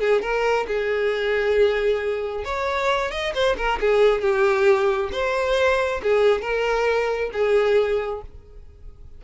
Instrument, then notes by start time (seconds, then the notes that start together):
violin
0.00 G#4
0.22 A#4
0.67 G#4
2.45 C#5
3.11 D#5
3.34 C5
3.57 A#4
3.80 G#4
4.21 G4
5.12 C5
6.03 G#4
6.41 A#4
7.33 G#4